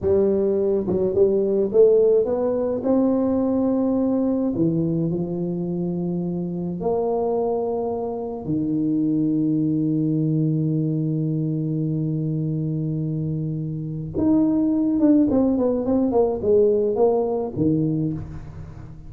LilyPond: \new Staff \with { instrumentName = "tuba" } { \time 4/4 \tempo 4 = 106 g4. fis8 g4 a4 | b4 c'2. | e4 f2. | ais2. dis4~ |
dis1~ | dis1~ | dis4 dis'4. d'8 c'8 b8 | c'8 ais8 gis4 ais4 dis4 | }